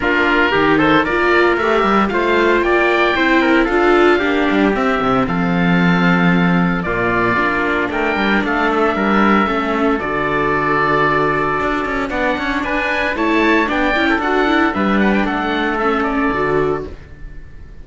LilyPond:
<<
  \new Staff \with { instrumentName = "oboe" } { \time 4/4 \tempo 4 = 114 ais'4. c''8 d''4 e''4 | f''4 g''2 f''4~ | f''4 e''4 f''2~ | f''4 d''2 g''4 |
f''8 e''2~ e''8 d''4~ | d''2. fis''4 | gis''4 a''4 g''4 fis''4 | e''8 fis''16 g''16 fis''4 e''8 d''4. | }
  \new Staff \with { instrumentName = "trumpet" } { \time 4/4 f'4 g'8 a'8 ais'2 | c''4 d''4 c''8 ais'8 a'4 | g'2 a'2~ | a'4 f'2 ais'4 |
a'4 ais'4 a'2~ | a'2. d''8 cis''8 | b'4 cis''4 d''8. a'4~ a'16 | b'4 a'2. | }
  \new Staff \with { instrumentName = "viola" } { \time 4/4 d'4 dis'4 f'4 g'4 | f'2 e'4 f'4 | d'4 c'2.~ | c'4 ais4 d'2~ |
d'2 cis'4 fis'4~ | fis'2. d'4~ | d'4 e'4 d'8 e'8 fis'8 e'8 | d'2 cis'4 fis'4 | }
  \new Staff \with { instrumentName = "cello" } { \time 4/4 ais4 dis4 ais4 a8 g8 | a4 ais4 c'4 d'4 | ais8 g8 c'8 c8 f2~ | f4 ais,4 ais4 a8 g8 |
a4 g4 a4 d4~ | d2 d'8 cis'8 b8 cis'8 | d'4 a4 b8 cis'8 d'4 | g4 a2 d4 | }
>>